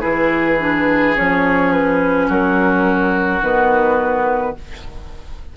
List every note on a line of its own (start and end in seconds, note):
0.00 1.17 E3
0.00 0.57 E4
0.00 2.26 G#4
0.00 1.14 B4
0.59 1.15 D4
1.15 2.29 F3
1.15 3.42 C#4
1.15 1.72 C#5
1.72 2.28 B4
2.28 3.40 F#3
2.28 4.54 F#4
2.28 3.42 A#4
3.40 4.54 D#3
3.40 4.56 B3
3.40 4.56 B4